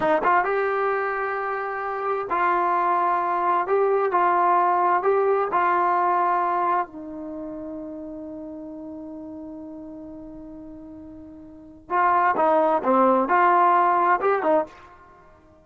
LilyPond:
\new Staff \with { instrumentName = "trombone" } { \time 4/4 \tempo 4 = 131 dis'8 f'8 g'2.~ | g'4 f'2. | g'4 f'2 g'4 | f'2. dis'4~ |
dis'1~ | dis'1~ | dis'2 f'4 dis'4 | c'4 f'2 g'8 dis'8 | }